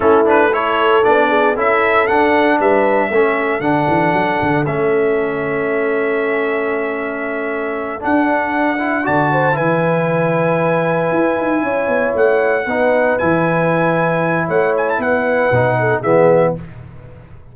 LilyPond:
<<
  \new Staff \with { instrumentName = "trumpet" } { \time 4/4 \tempo 4 = 116 a'8 b'8 cis''4 d''4 e''4 | fis''4 e''2 fis''4~ | fis''4 e''2.~ | e''2.~ e''8 fis''8~ |
fis''4. a''4 gis''4.~ | gis''2.~ gis''8 fis''8~ | fis''4. gis''2~ gis''8 | fis''8 gis''16 a''16 fis''2 e''4 | }
  \new Staff \with { instrumentName = "horn" } { \time 4/4 e'4 a'4. gis'8 a'4~ | a'4 b'4 a'2~ | a'1~ | a'1~ |
a'4. d''8 c''8 b'4.~ | b'2~ b'8 cis''4.~ | cis''8 b'2.~ b'8 | cis''4 b'4. a'8 gis'4 | }
  \new Staff \with { instrumentName = "trombone" } { \time 4/4 cis'8 d'8 e'4 d'4 e'4 | d'2 cis'4 d'4~ | d'4 cis'2.~ | cis'2.~ cis'8 d'8~ |
d'4 e'8 fis'4 e'4.~ | e'1~ | e'8 dis'4 e'2~ e'8~ | e'2 dis'4 b4 | }
  \new Staff \with { instrumentName = "tuba" } { \time 4/4 a2 b4 cis'4 | d'4 g4 a4 d8 e8 | fis8 d8 a2.~ | a2.~ a8 d'8~ |
d'4. d4 e4.~ | e4. e'8 dis'8 cis'8 b8 a8~ | a8 b4 e2~ e8 | a4 b4 b,4 e4 | }
>>